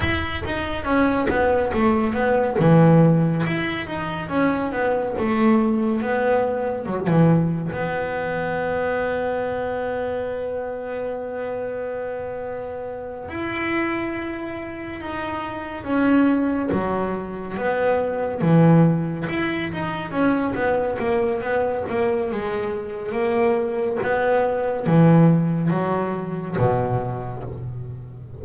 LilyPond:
\new Staff \with { instrumentName = "double bass" } { \time 4/4 \tempo 4 = 70 e'8 dis'8 cis'8 b8 a8 b8 e4 | e'8 dis'8 cis'8 b8 a4 b4 | fis16 e8. b2.~ | b2.~ b8 e'8~ |
e'4. dis'4 cis'4 fis8~ | fis8 b4 e4 e'8 dis'8 cis'8 | b8 ais8 b8 ais8 gis4 ais4 | b4 e4 fis4 b,4 | }